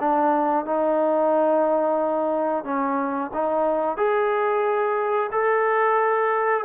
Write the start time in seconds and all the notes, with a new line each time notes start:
0.00 D4
0.66 D#4
2.64 C#4
3.33 D#4
3.97 G#4
5.32 A4